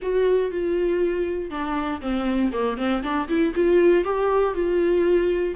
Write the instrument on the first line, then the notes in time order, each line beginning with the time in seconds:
viola
0.02 F#4
0.51 F4
1.50 D4
2.01 C4
2.52 A#3
2.77 C4
3.02 D4
3.28 E4
3.54 F4
4.04 G4
4.54 F4